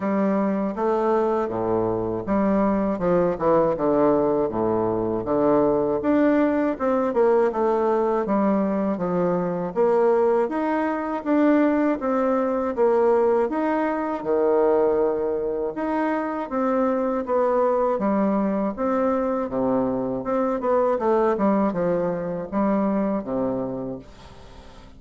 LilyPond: \new Staff \with { instrumentName = "bassoon" } { \time 4/4 \tempo 4 = 80 g4 a4 a,4 g4 | f8 e8 d4 a,4 d4 | d'4 c'8 ais8 a4 g4 | f4 ais4 dis'4 d'4 |
c'4 ais4 dis'4 dis4~ | dis4 dis'4 c'4 b4 | g4 c'4 c4 c'8 b8 | a8 g8 f4 g4 c4 | }